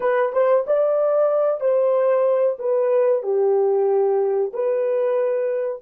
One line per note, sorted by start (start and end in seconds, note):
0.00 0.32 B4
0.32 0.65 C5
0.67 1.60 D5
1.60 2.57 C5
2.58 3.23 B4
3.23 4.52 G4
4.53 5.82 B4